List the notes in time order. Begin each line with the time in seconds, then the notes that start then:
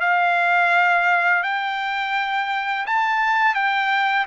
0.00 F5
1.43 G5
2.86 A5
3.54 G5